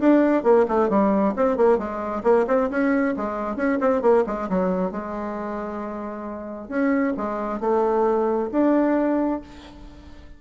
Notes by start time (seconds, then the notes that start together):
0.00 D4
0.44 A#3
0.68 A3
0.90 G3
1.36 C4
1.57 A#3
1.78 G#3
2.23 A#3
2.47 C4
2.70 C#4
3.17 G#3
3.56 C#4
3.81 C4
4.02 A#3
4.27 G#3
4.50 F#3
4.92 G#3
6.69 C#4
7.17 G#3
7.60 A3
8.52 D4